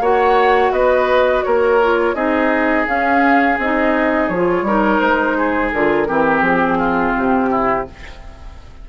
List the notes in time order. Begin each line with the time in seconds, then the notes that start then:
0.00 A#3 F#4 C#5 F#5
0.71 B3 B4 D#5
1.43 A#3 A#4 C#5
1.82 F4
2.14 C4 D#4 G#4 D#5
2.86 C#4 F5
3.58 C4 D#4 D#5
4.28 F3 C#5
4.35 F4
4.62 G3 D#4 A#4
4.99 G#3 C5
5.37 G#4
5.72 D3 F4 A#4
6.06 E3 C4 G4
6.41 F3 G#4
6.78 F4
7.16 C3 G4
7.50 E4